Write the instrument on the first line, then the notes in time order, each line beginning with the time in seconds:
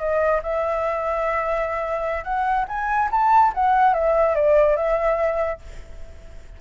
flute
0.00 D#5
0.43 E5
2.24 F#5
2.68 G#5
3.11 A5
3.55 F#5
3.94 E5
4.36 D5
4.77 E5